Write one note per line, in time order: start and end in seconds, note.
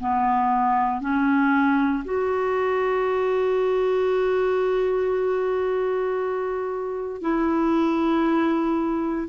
0.00 1.00 B3
1.00 2.04 C#4
2.04 7.21 F#4
7.21 9.28 E4